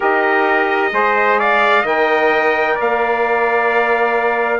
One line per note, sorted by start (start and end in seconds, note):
0.00 0.92 D#4
0.00 0.91 G4
0.00 0.92 A#4
0.00 1.39 D#5
0.91 1.83 G#3
0.91 1.83 G#4
0.91 1.39 C5
1.39 1.82 D5
1.39 1.85 F5
1.82 2.75 D#3
1.82 4.60 A#4
1.82 2.74 D#5
1.82 2.78 G5
2.75 4.60 A#3
2.75 4.60 D5
2.75 4.60 F5